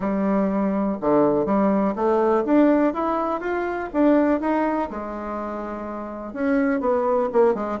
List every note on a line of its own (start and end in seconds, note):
0.00 0.98 G3
1.00 1.45 D3
1.45 1.94 G3
1.95 2.44 A3
2.45 2.93 D4
2.93 3.40 E4
3.40 3.89 F4
3.93 4.40 D4
4.40 4.89 D#4
4.90 6.33 G#3
6.33 6.80 C#4
6.80 7.29 B3
7.32 7.54 A#3
7.54 7.78 G#3